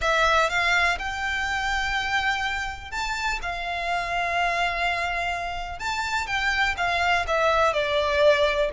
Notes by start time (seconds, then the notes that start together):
0.01 E5
0.49 F5
0.98 G5
2.91 A5
3.42 F5
5.79 A5
6.26 G5
6.77 F5
7.27 E5
7.73 D5